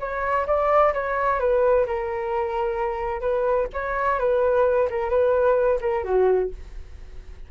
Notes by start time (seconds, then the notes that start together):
0.00 C#5
0.47 D5
0.94 C#5
1.40 B4
1.86 A#4
3.21 B4
3.74 C#5
4.19 B4
4.90 A#4
5.10 B4
5.81 A#4
6.04 F#4